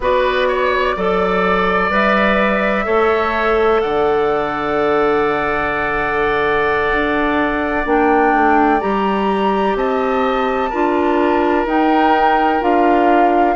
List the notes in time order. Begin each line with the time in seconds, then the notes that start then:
0.00 B3 F#4 B4 D5
0.48 C#5
0.96 F#3 A4 D5
1.90 G3 B4 E5
2.84 A3 A4 C#5
3.81 D3 D5 F#5
6.91 D4
7.85 A#3 D4 G5
8.33 A3
8.80 G3 G4 A#5
9.74 C4 D#5 A5
10.69 D4 F4 A#4
11.65 D#4 G5
12.60 D4 F4 F5